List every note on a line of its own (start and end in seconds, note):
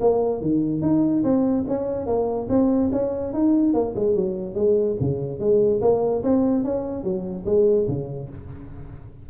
0.00 0.41 A#3
0.41 0.81 D#3
0.81 1.23 D#4
1.23 1.65 C4
1.68 2.06 C#4
2.06 2.48 A#3
2.49 2.91 C4
2.92 3.33 C#4
3.33 3.74 D#4
3.74 3.94 A#3
3.96 4.15 G#3
4.15 4.55 F#3
4.55 4.96 G#3
5.00 5.39 C#3
5.39 5.81 G#3
5.81 6.23 A#3
6.23 6.64 C4
6.64 7.03 C#4
7.03 7.45 F#3
7.45 7.87 G#3
7.88 8.29 C#3